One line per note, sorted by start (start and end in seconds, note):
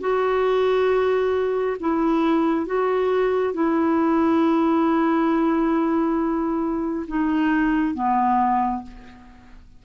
0.00 1.76 F#4
1.80 2.66 E4
2.66 3.53 F#4
3.53 7.06 E4
7.07 7.94 D#4
7.94 8.82 B3